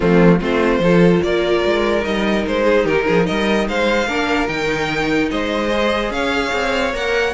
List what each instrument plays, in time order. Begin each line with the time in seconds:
0.00 cello F3, viola A3, violin C4 F4
0.40 cello A3, viola C4, violin F4 C5
0.79 cello F3, viola F4, violin A4
1.22 cello A#3, violin A#4 D5
1.64 cello G#3
2.00 cello G3, viola D#4, violin D#5
2.46 cello G#3, violin C5
2.64 violin G#4
2.84 cello D#3, violin G4 A#4
3.05 cello F3, violin G#4
3.26 cello G3, violin A#4 D#5
3.68 cello G#3, violin C5 F5
4.07 cello A#3, viola D4, violin A#4
4.47 cello D#3, viola D#4, violin G5
5.31 cello G#3, violin C5 D#5
5.68 viola G#4
6.10 cello C#4, violin C#5 F5
6.52 cello C4
6.93 cello A#3, viola A#4, violin F#5